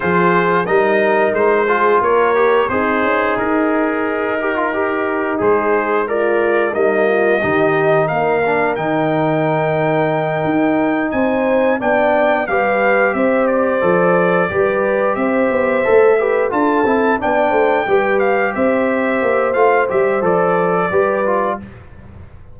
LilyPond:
<<
  \new Staff \with { instrumentName = "trumpet" } { \time 4/4 \tempo 4 = 89 c''4 dis''4 c''4 cis''4 | c''4 ais'2. | c''4 d''4 dis''2 | f''4 g''2.~ |
g''8 gis''4 g''4 f''4 e''8 | d''2~ d''8 e''4.~ | e''8 a''4 g''4. f''8 e''8~ | e''4 f''8 e''8 d''2 | }
  \new Staff \with { instrumentName = "horn" } { \time 4/4 gis'4 ais'4. gis'8 ais'4 | dis'1~ | dis'4 f'4 dis'8 f'8 g'4 | ais'1~ |
ais'8 c''4 d''4 b'4 c''8~ | c''4. b'4 c''4. | b'8 a'4 d''8 c''8 b'4 c''8~ | c''2. b'4 | }
  \new Staff \with { instrumentName = "trombone" } { \time 4/4 f'4 dis'4. f'4 g'8 | gis'2~ gis'8 g'16 f'16 g'4 | gis'4 ais'4 ais4 dis'4~ | dis'8 d'8 dis'2.~ |
dis'4. d'4 g'4.~ | g'8 a'4 g'2 a'8 | g'8 f'8 e'8 d'4 g'4.~ | g'4 f'8 g'8 a'4 g'8 f'8 | }
  \new Staff \with { instrumentName = "tuba" } { \time 4/4 f4 g4 gis4 ais4 | c'8 cis'8 dis'2. | gis2 g4 dis4 | ais4 dis2~ dis8 dis'8~ |
dis'8 c'4 b4 g4 c'8~ | c'8 f4 g4 c'8 b8 a8~ | a8 d'8 c'8 b8 a8 g4 c'8~ | c'8 ais8 a8 g8 f4 g4 | }
>>